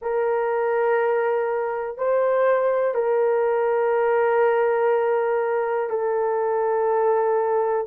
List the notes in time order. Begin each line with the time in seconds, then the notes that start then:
0.01 A#4
1.97 C5
2.94 A#4
5.89 A4